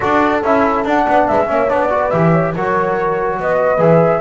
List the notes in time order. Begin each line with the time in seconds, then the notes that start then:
0.00 D4 F#4 A4 D5
0.43 C#4 E4 E5
0.85 D4 F#5
1.06 B3 D5
1.27 G#3 B4 E5
1.46 A#3 C#4 C#5
1.68 B3 D4 D5
1.90 F#4 B4
2.10 E3 G4 E5
2.31 C#5
2.54 F#3 F#4 A#4 C#5
3.39 B3 B4 D#5
3.78 E3 G#4 E5